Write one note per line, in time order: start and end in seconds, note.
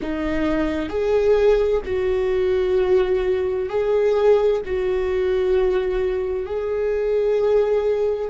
0.01 0.89 D#4
0.89 1.81 G#4
1.85 3.69 F#4
3.69 4.61 G#4
4.64 6.46 F#4
6.46 8.30 G#4